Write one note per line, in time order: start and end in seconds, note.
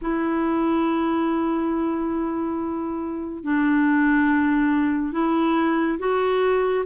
0.01 3.43 E4
3.43 5.12 D4
5.12 5.98 E4
5.98 6.84 F#4